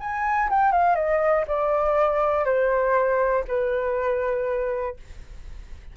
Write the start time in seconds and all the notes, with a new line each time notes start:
0.00 G#5
0.50 G5
0.72 F5
0.96 D#5
1.48 D5
2.45 C5
3.48 B4